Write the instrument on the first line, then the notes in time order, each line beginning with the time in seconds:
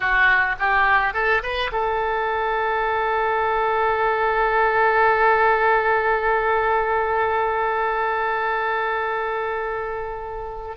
oboe
0.00 F#4
0.59 G4
1.13 A4
1.42 B4
1.72 A4